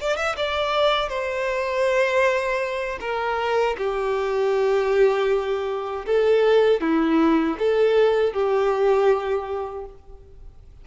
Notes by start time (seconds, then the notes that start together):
0.00 D5
0.16 E5
0.36 D5
1.09 C5
3.00 A#4
3.77 G4
6.06 A4
6.81 E4
7.58 A4
8.33 G4